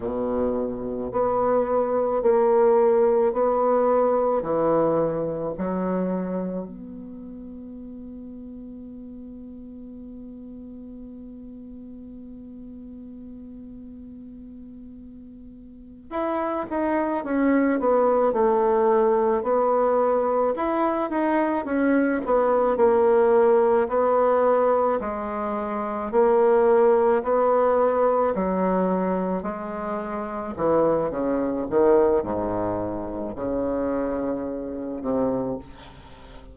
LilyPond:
\new Staff \with { instrumentName = "bassoon" } { \time 4/4 \tempo 4 = 54 b,4 b4 ais4 b4 | e4 fis4 b2~ | b1~ | b2~ b8 e'8 dis'8 cis'8 |
b8 a4 b4 e'8 dis'8 cis'8 | b8 ais4 b4 gis4 ais8~ | ais8 b4 fis4 gis4 e8 | cis8 dis8 gis,4 cis4. c8 | }